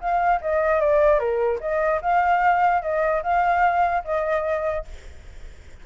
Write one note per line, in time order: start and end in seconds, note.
0.00 0.40 F5
0.41 0.80 D#5
0.80 1.19 D5
1.19 1.59 A#4
1.60 2.01 D#5
2.01 2.82 F5
2.82 3.22 D#5
3.22 4.03 F5
4.04 4.84 D#5